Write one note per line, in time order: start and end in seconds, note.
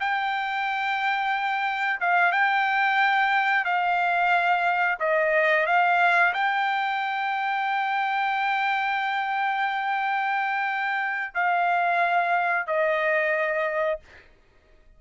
0.00 2.00 G5
2.00 2.32 F5
2.32 3.65 G5
3.65 4.98 F5
5.00 5.66 D#5
5.66 6.33 F5
6.34 11.34 G5
11.34 12.67 F5
12.67 14.00 D#5